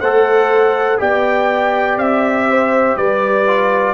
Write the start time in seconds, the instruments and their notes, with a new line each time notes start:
0.00 tuba A3, trombone A4, horn C5, trumpet F#5
0.98 tuba B3, trombone G4, horn D5, trumpet G5
1.97 tuba C4, trumpet E5
2.49 horn C5
2.97 tuba G3, horn B4, trumpet D5
3.48 trombone F4